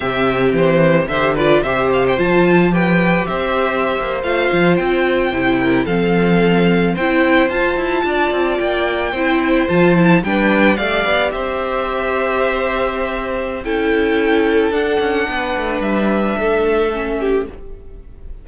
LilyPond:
<<
  \new Staff \with { instrumentName = "violin" } { \time 4/4 \tempo 4 = 110 e''4 c''4 e''8 d''8 e''8 f''16 g''16 | a''4 g''4 e''4.~ e''16 f''16~ | f''8. g''2 f''4~ f''16~ | f''8. g''4 a''2 g''16~ |
g''4.~ g''16 a''4 g''4 f''16~ | f''8. e''2.~ e''16~ | e''4 g''2 fis''4~ | fis''4 e''2. | }
  \new Staff \with { instrumentName = "violin" } { \time 4/4 g'2 c''8 b'8 c''4~ | c''4 b'4 c''2~ | c''2~ c''16 ais'8 a'4~ a'16~ | a'8. c''2 d''4~ d''16~ |
d''8. c''2 b'4 d''16~ | d''8. c''2.~ c''16~ | c''4 a'2. | b'2 a'4. g'8 | }
  \new Staff \with { instrumentName = "viola" } { \time 4/4 c'2 g'8 f'8 g'4 | f'4 g'2~ g'8. f'16~ | f'4.~ f'16 e'4 c'4~ c'16~ | c'8. e'4 f'2~ f'16~ |
f'8. e'4 f'8 e'8 d'4 g'16~ | g'1~ | g'4 e'2 d'4~ | d'2. cis'4 | }
  \new Staff \with { instrumentName = "cello" } { \time 4/4 c4 e4 d4 c4 | f2 c'4~ c'16 ais8 a16~ | a16 f8 c'4 c4 f4~ f16~ | f8. c'4 f'8 e'8 d'8 c'8 ais16~ |
ais8. c'4 f4 g4 a16~ | a16 b8 c'2.~ c'16~ | c'4 cis'2 d'8 cis'8 | b8 a8 g4 a2 | }
>>